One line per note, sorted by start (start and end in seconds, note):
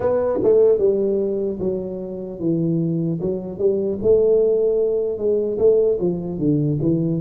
0.00 0.39 B3
0.43 0.78 A3
0.78 1.58 G3
1.59 2.39 F#3
2.39 3.19 E3
3.20 3.58 F#3
3.58 3.98 G3
4.02 5.17 A3
5.17 5.57 G#3
5.58 5.98 A3
6.00 6.38 F3
6.38 6.78 D3
6.81 7.21 E3